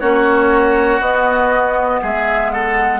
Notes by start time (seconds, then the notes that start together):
0.00 A#3 C#4 F#4 C#5
1.00 B3 D#5
2.01 G#3 G#4 E5
2.52 A4 F#5